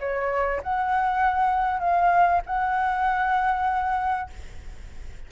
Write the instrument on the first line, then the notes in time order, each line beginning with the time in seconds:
flute
0.00 C#5
0.63 F#5
1.80 F5
2.46 F#5